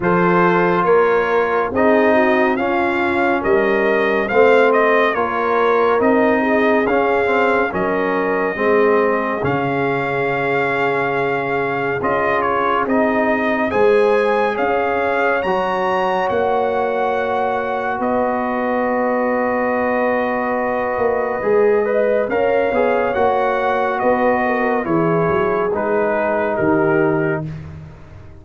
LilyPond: <<
  \new Staff \with { instrumentName = "trumpet" } { \time 4/4 \tempo 4 = 70 c''4 cis''4 dis''4 f''4 | dis''4 f''8 dis''8 cis''4 dis''4 | f''4 dis''2 f''4~ | f''2 dis''8 cis''8 dis''4 |
gis''4 f''4 ais''4 fis''4~ | fis''4 dis''2.~ | dis''2 f''4 fis''4 | dis''4 cis''4 b'4 ais'4 | }
  \new Staff \with { instrumentName = "horn" } { \time 4/4 a'4 ais'4 gis'8 fis'8 f'4 | ais'4 c''4 ais'4. gis'8~ | gis'4 ais'4 gis'2~ | gis'1 |
c''4 cis''2.~ | cis''4 b'2.~ | b'4. dis''8 cis''2 | b'8 ais'8 gis'2 g'4 | }
  \new Staff \with { instrumentName = "trombone" } { \time 4/4 f'2 dis'4 cis'4~ | cis'4 c'4 f'4 dis'4 | cis'8 c'8 cis'4 c'4 cis'4~ | cis'2 f'4 dis'4 |
gis'2 fis'2~ | fis'1~ | fis'4 gis'8 b'8 ais'8 gis'8 fis'4~ | fis'4 e'4 dis'2 | }
  \new Staff \with { instrumentName = "tuba" } { \time 4/4 f4 ais4 c'4 cis'4 | g4 a4 ais4 c'4 | cis'4 fis4 gis4 cis4~ | cis2 cis'4 c'4 |
gis4 cis'4 fis4 ais4~ | ais4 b2.~ | b8 ais8 gis4 cis'8 b8 ais4 | b4 e8 fis8 gis4 dis4 | }
>>